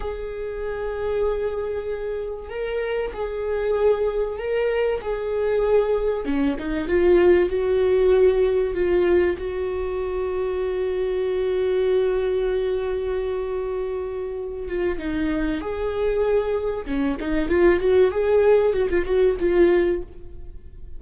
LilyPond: \new Staff \with { instrumentName = "viola" } { \time 4/4 \tempo 4 = 96 gis'1 | ais'4 gis'2 ais'4 | gis'2 cis'8 dis'8 f'4 | fis'2 f'4 fis'4~ |
fis'1~ | fis'2.~ fis'8 f'8 | dis'4 gis'2 cis'8 dis'8 | f'8 fis'8 gis'4 fis'16 f'16 fis'8 f'4 | }